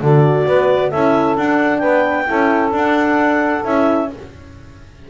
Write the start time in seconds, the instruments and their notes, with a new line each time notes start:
0.00 double bass D3, horn F#4, saxophone A4, clarinet D5
0.45 double bass B3, saxophone B4
0.89 double bass C#4, horn E4, saxophone A4, clarinet E5
1.37 double bass D4, horn D4, clarinet F#5
1.79 double bass B3, saxophone B4, clarinet G5
2.27 double bass C#4, horn E4, saxophone A4
2.72 horn D4, double bass D4, clarinet F#5
3.65 double bass C#4, horn E4, clarinet E5